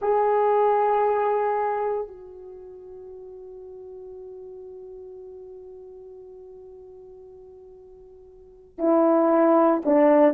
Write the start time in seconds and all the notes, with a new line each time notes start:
0.01 G#4
2.07 F#4
8.78 E4
9.85 D4